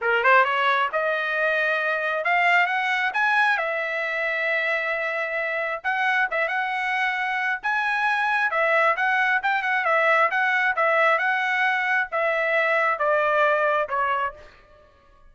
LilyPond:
\new Staff \with { instrumentName = "trumpet" } { \time 4/4 \tempo 4 = 134 ais'8 c''8 cis''4 dis''2~ | dis''4 f''4 fis''4 gis''4 | e''1~ | e''4 fis''4 e''8 fis''4.~ |
fis''4 gis''2 e''4 | fis''4 g''8 fis''8 e''4 fis''4 | e''4 fis''2 e''4~ | e''4 d''2 cis''4 | }